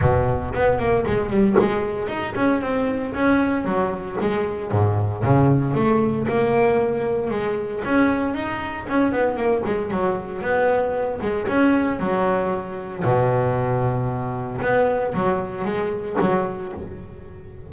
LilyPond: \new Staff \with { instrumentName = "double bass" } { \time 4/4 \tempo 4 = 115 b,4 b8 ais8 gis8 g8 gis4 | dis'8 cis'8 c'4 cis'4 fis4 | gis4 gis,4 cis4 a4 | ais2 gis4 cis'4 |
dis'4 cis'8 b8 ais8 gis8 fis4 | b4. gis8 cis'4 fis4~ | fis4 b,2. | b4 fis4 gis4 fis4 | }